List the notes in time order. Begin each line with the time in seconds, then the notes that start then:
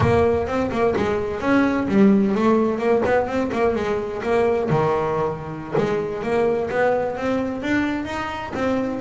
0.00 A#3
0.47 C4
0.71 A#3
0.96 G#3
1.40 C#4
1.87 G3
2.34 A3
2.78 A#3
3.05 B3
3.27 C4
3.52 A#3
3.75 G#3
4.22 A#3
4.69 D#3
5.77 G#3
6.22 A#3
6.70 B3
7.17 C4
7.62 D4
8.05 D#4
8.54 C4